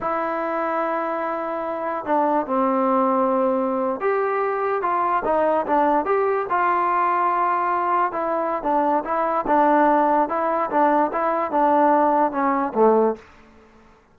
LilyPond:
\new Staff \with { instrumentName = "trombone" } { \time 4/4 \tempo 4 = 146 e'1~ | e'4 d'4 c'2~ | c'4.~ c'16 g'2 f'16~ | f'8. dis'4 d'4 g'4 f'16~ |
f'2.~ f'8. e'16~ | e'4 d'4 e'4 d'4~ | d'4 e'4 d'4 e'4 | d'2 cis'4 a4 | }